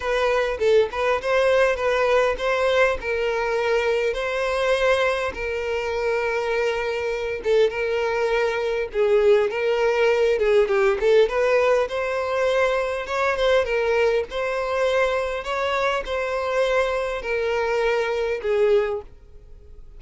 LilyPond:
\new Staff \with { instrumentName = "violin" } { \time 4/4 \tempo 4 = 101 b'4 a'8 b'8 c''4 b'4 | c''4 ais'2 c''4~ | c''4 ais'2.~ | ais'8 a'8 ais'2 gis'4 |
ais'4. gis'8 g'8 a'8 b'4 | c''2 cis''8 c''8 ais'4 | c''2 cis''4 c''4~ | c''4 ais'2 gis'4 | }